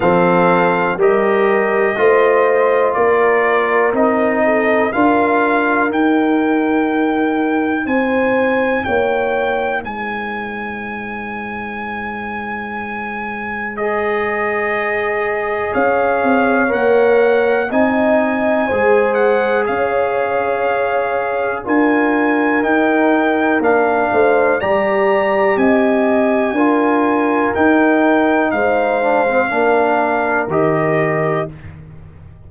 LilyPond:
<<
  \new Staff \with { instrumentName = "trumpet" } { \time 4/4 \tempo 4 = 61 f''4 dis''2 d''4 | dis''4 f''4 g''2 | gis''4 g''4 gis''2~ | gis''2 dis''2 |
f''4 fis''4 gis''4. fis''8 | f''2 gis''4 g''4 | f''4 ais''4 gis''2 | g''4 f''2 dis''4 | }
  \new Staff \with { instrumentName = "horn" } { \time 4/4 a'4 ais'4 c''4 ais'4~ | ais'8 a'8 ais'2. | c''4 cis''4 c''2~ | c''1 |
cis''2 dis''4 c''4 | cis''2 ais'2~ | ais'8 c''8 d''4 dis''4 ais'4~ | ais'4 c''4 ais'2 | }
  \new Staff \with { instrumentName = "trombone" } { \time 4/4 c'4 g'4 f'2 | dis'4 f'4 dis'2~ | dis'1~ | dis'2 gis'2~ |
gis'4 ais'4 dis'4 gis'4~ | gis'2 f'4 dis'4 | d'4 g'2 f'4 | dis'4. d'16 c'16 d'4 g'4 | }
  \new Staff \with { instrumentName = "tuba" } { \time 4/4 f4 g4 a4 ais4 | c'4 d'4 dis'2 | c'4 ais4 gis2~ | gis1 |
cis'8 c'8 ais4 c'4 gis4 | cis'2 d'4 dis'4 | ais8 a8 g4 c'4 d'4 | dis'4 gis4 ais4 dis4 | }
>>